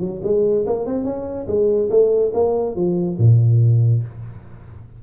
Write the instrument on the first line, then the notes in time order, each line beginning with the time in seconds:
tuba
0.00 F#3
0.23 G#3
0.66 A#3
0.86 C4
1.04 C#4
1.47 G#3
1.90 A3
2.33 A#3
2.75 F3
3.18 A#2